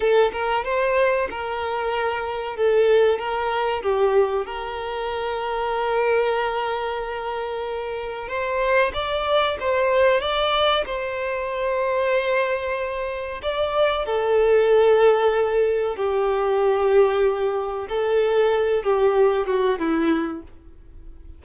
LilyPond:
\new Staff \with { instrumentName = "violin" } { \time 4/4 \tempo 4 = 94 a'8 ais'8 c''4 ais'2 | a'4 ais'4 g'4 ais'4~ | ais'1~ | ais'4 c''4 d''4 c''4 |
d''4 c''2.~ | c''4 d''4 a'2~ | a'4 g'2. | a'4. g'4 fis'8 e'4 | }